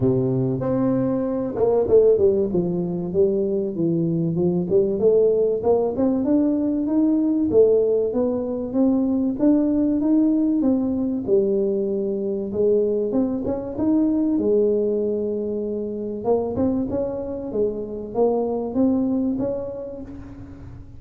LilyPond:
\new Staff \with { instrumentName = "tuba" } { \time 4/4 \tempo 4 = 96 c4 c'4. ais8 a8 g8 | f4 g4 e4 f8 g8 | a4 ais8 c'8 d'4 dis'4 | a4 b4 c'4 d'4 |
dis'4 c'4 g2 | gis4 c'8 cis'8 dis'4 gis4~ | gis2 ais8 c'8 cis'4 | gis4 ais4 c'4 cis'4 | }